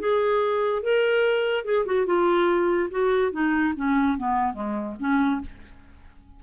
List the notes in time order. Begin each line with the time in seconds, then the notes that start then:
0.00 G#4
0.83 A#4
1.65 G#4
1.86 F#4
2.06 F4
2.91 F#4
3.32 D#4
3.77 C#4
4.18 B3
4.54 G#3
5.00 C#4